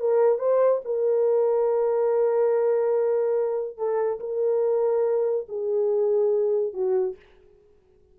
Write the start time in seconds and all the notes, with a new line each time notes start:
0.00 A#4
0.39 C5
0.85 A#4
3.77 A4
4.20 A#4
5.49 G#4
6.74 F#4